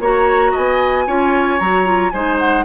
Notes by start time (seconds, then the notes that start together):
0.00 A#3 F#4 C#5 A#5
0.52 B3 D#5 G#5
1.07 C#4 F4 C#5
1.60 F#3 F#4 A#5
1.85 F4
2.11 G#3 D#4 C5 G#5
2.39 F#5